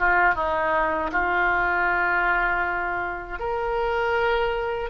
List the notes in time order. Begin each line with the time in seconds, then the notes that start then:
0.00 F4
0.36 D#4
1.13 F4
3.40 A#4